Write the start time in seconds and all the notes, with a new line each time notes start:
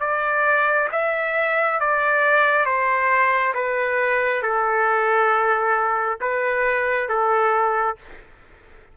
0.00 D5
0.92 E5
1.80 D5
2.66 C5
3.55 B4
4.43 A4
6.21 B4
7.09 A4